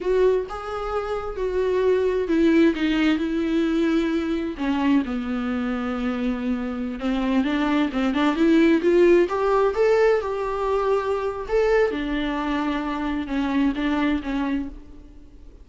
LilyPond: \new Staff \with { instrumentName = "viola" } { \time 4/4 \tempo 4 = 131 fis'4 gis'2 fis'4~ | fis'4 e'4 dis'4 e'4~ | e'2 cis'4 b4~ | b2.~ b16 c'8.~ |
c'16 d'4 c'8 d'8 e'4 f'8.~ | f'16 g'4 a'4 g'4.~ g'16~ | g'4 a'4 d'2~ | d'4 cis'4 d'4 cis'4 | }